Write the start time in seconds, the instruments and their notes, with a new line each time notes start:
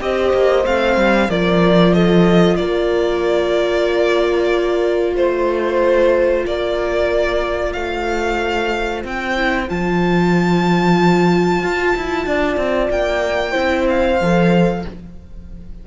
0.00 cello C4, viola G4, horn C5, violin D#5
0.33 cello A#3
0.65 cello A3, viola C4, violin F5
0.97 cello G3
1.29 cello F3, viola F4, horn A#4, violin D5
1.94 horn A4, violin D#5
2.56 cello A#3, horn A#4, violin D5
5.15 cello A3, horn C5, violin C5
6.46 cello A#3, horn A#4, violin D5
7.73 cello A3, horn C5, violin F5
9.04 cello C4, violin G5
9.37 viola E4
9.68 cello F3, viola F4, violin A5
11.63 cello F4
11.96 cello E4
12.26 cello D4, horn D5
12.57 cello C4
12.91 cello A#3, violin G5
13.51 cello C4, viola E4, horn C5
13.89 violin F5
14.21 cello F3, viola A4